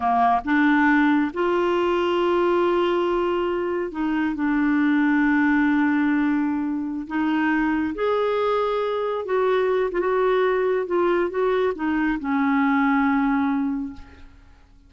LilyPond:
\new Staff \with { instrumentName = "clarinet" } { \time 4/4 \tempo 4 = 138 ais4 d'2 f'4~ | f'1~ | f'4 dis'4 d'2~ | d'1~ |
d'16 dis'2 gis'4.~ gis'16~ | gis'4~ gis'16 fis'4. f'16 fis'4~ | fis'4 f'4 fis'4 dis'4 | cis'1 | }